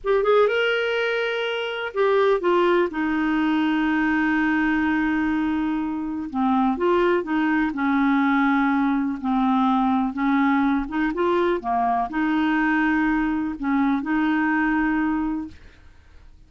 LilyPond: \new Staff \with { instrumentName = "clarinet" } { \time 4/4 \tempo 4 = 124 g'8 gis'8 ais'2. | g'4 f'4 dis'2~ | dis'1~ | dis'4 c'4 f'4 dis'4 |
cis'2. c'4~ | c'4 cis'4. dis'8 f'4 | ais4 dis'2. | cis'4 dis'2. | }